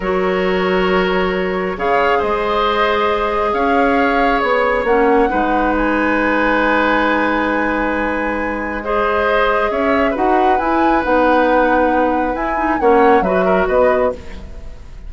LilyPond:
<<
  \new Staff \with { instrumentName = "flute" } { \time 4/4 \tempo 4 = 136 cis''1 | f''4 dis''2. | f''2 cis''4 fis''4~ | fis''4 gis''2.~ |
gis''1 | dis''2 e''4 fis''4 | gis''4 fis''2. | gis''4 fis''4 e''4 dis''4 | }
  \new Staff \with { instrumentName = "oboe" } { \time 4/4 ais'1 | cis''4 c''2. | cis''1 | b'1~ |
b'1 | c''2 cis''4 b'4~ | b'1~ | b'4 cis''4 b'8 ais'8 b'4 | }
  \new Staff \with { instrumentName = "clarinet" } { \time 4/4 fis'1 | gis'1~ | gis'2. cis'4 | dis'1~ |
dis'1 | gis'2. fis'4 | e'4 dis'2. | e'8 dis'8 cis'4 fis'2 | }
  \new Staff \with { instrumentName = "bassoon" } { \time 4/4 fis1 | cis4 gis2. | cis'2 b4 ais4 | gis1~ |
gis1~ | gis2 cis'4 dis'4 | e'4 b2. | e'4 ais4 fis4 b4 | }
>>